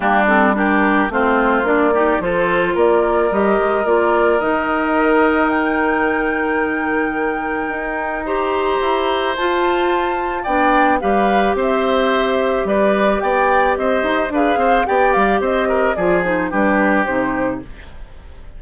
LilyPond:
<<
  \new Staff \with { instrumentName = "flute" } { \time 4/4 \tempo 4 = 109 g'8 a'8 ais'4 c''4 d''4 | c''4 d''4 dis''4 d''4 | dis''2 g''2~ | g''2. ais''4~ |
ais''4 a''2 g''4 | f''4 e''2 d''4 | g''4 dis''4 f''4 g''8 f''8 | dis''4 d''8 c''8 b'4 c''4 | }
  \new Staff \with { instrumentName = "oboe" } { \time 4/4 d'4 g'4 f'4. g'8 | a'4 ais'2.~ | ais'1~ | ais'2. c''4~ |
c''2. d''4 | b'4 c''2 b'4 | d''4 c''4 b'8 c''8 d''4 | c''8 ais'8 gis'4 g'2 | }
  \new Staff \with { instrumentName = "clarinet" } { \time 4/4 ais8 c'8 d'4 c'4 d'8 dis'8 | f'2 g'4 f'4 | dis'1~ | dis'2. g'4~ |
g'4 f'2 d'4 | g'1~ | g'2 gis'4 g'4~ | g'4 f'8 dis'8 d'4 dis'4 | }
  \new Staff \with { instrumentName = "bassoon" } { \time 4/4 g2 a4 ais4 | f4 ais4 g8 gis8 ais4 | dis1~ | dis2 dis'2 |
e'4 f'2 b4 | g4 c'2 g4 | b4 c'8 dis'8 d'8 c'8 b8 g8 | c'4 f4 g4 c4 | }
>>